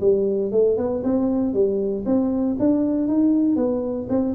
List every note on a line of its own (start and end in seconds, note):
0.00 0.51 G3
0.51 0.77 A3
0.77 1.02 B3
1.03 1.53 C4
1.53 2.04 G3
2.05 2.57 C4
2.59 3.07 D4
3.07 3.56 D#4
3.56 4.07 B3
4.09 4.34 C4